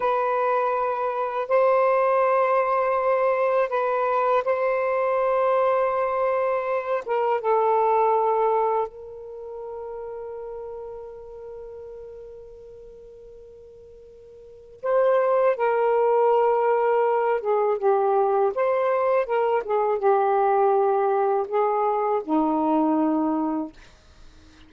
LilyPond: \new Staff \with { instrumentName = "saxophone" } { \time 4/4 \tempo 4 = 81 b'2 c''2~ | c''4 b'4 c''2~ | c''4. ais'8 a'2 | ais'1~ |
ais'1 | c''4 ais'2~ ais'8 gis'8 | g'4 c''4 ais'8 gis'8 g'4~ | g'4 gis'4 dis'2 | }